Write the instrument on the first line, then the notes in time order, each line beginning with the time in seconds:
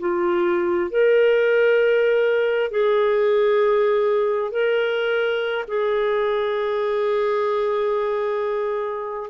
clarinet
0.00 F4
0.90 A#4
2.71 G#4
4.52 A#4
5.68 G#4